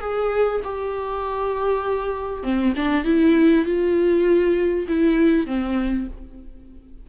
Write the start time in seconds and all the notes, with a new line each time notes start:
0.00 G#4
0.64 G4
2.43 C4
2.75 D4
3.04 E4
3.65 F4
4.88 E4
5.46 C4